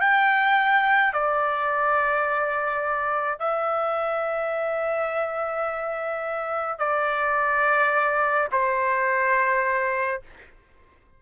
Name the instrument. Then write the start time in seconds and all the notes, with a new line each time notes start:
trumpet
0.00 G5
1.13 D5
3.39 E5
6.79 D5
8.52 C5